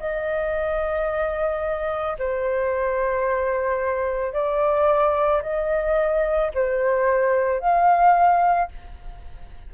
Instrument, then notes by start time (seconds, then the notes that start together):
flute
0.00 D#5
2.19 C5
4.33 D5
5.42 D#5
6.55 C5
7.60 F5